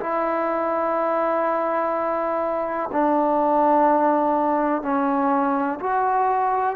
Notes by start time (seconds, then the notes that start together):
0.00 E4
2.93 D4
4.83 C#4
5.80 F#4